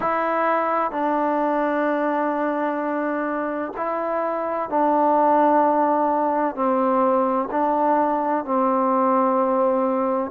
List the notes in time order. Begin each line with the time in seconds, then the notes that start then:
0.00 E4
0.91 D4
3.76 E4
4.69 D4
6.55 C4
7.51 D4
8.45 C4